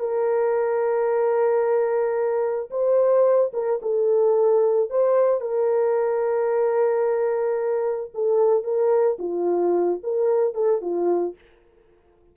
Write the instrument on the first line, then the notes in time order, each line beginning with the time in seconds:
horn
0.00 A#4
2.71 C5
3.53 A#4
3.82 A4
4.90 C5
5.41 A#4
8.14 A4
8.64 A#4
9.19 F4
10.03 A#4
10.54 A4
10.81 F4